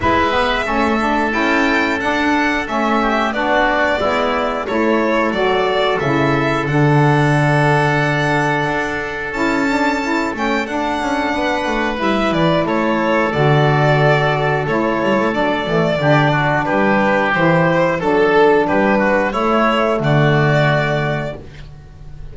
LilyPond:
<<
  \new Staff \with { instrumentName = "violin" } { \time 4/4 \tempo 4 = 90 e''2 g''4 fis''4 | e''4 d''2 cis''4 | d''4 e''4 fis''2~ | fis''2 a''4. g''8 |
fis''2 e''8 d''8 cis''4 | d''2 cis''4 d''4~ | d''4 b'4 c''4 a'4 | b'4 cis''4 d''2 | }
  \new Staff \with { instrumentName = "oboe" } { \time 4/4 b'4 a'2.~ | a'8 g'8 fis'4 e'4 a'4~ | a'1~ | a'1~ |
a'4 b'2 a'4~ | a'1 | g'8 fis'8 g'2 a'4 | g'8 fis'8 e'4 fis'2 | }
  \new Staff \with { instrumentName = "saxophone" } { \time 4/4 e'8 b8 cis'8 d'8 e'4 d'4 | cis'4 d'4 b4 e'4 | fis'4 e'4 d'2~ | d'2 e'8 d'8 e'8 cis'8 |
d'2 e'2 | fis'2 e'4 d'8 a8 | d'2 e'4 d'4~ | d'4 a2. | }
  \new Staff \with { instrumentName = "double bass" } { \time 4/4 gis4 a4 cis'4 d'4 | a4 b4 gis4 a4 | fis4 cis4 d2~ | d4 d'4 cis'4. a8 |
d'8 cis'8 b8 a8 g8 e8 a4 | d2 a8 g16 a16 fis8 e8 | d4 g4 e4 fis4 | g4 a4 d2 | }
>>